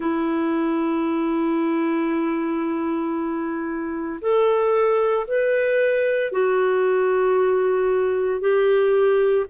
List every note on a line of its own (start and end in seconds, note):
0.00 4.20 E4
4.21 5.26 A4
5.27 6.32 B4
6.32 8.40 F#4
8.40 9.45 G4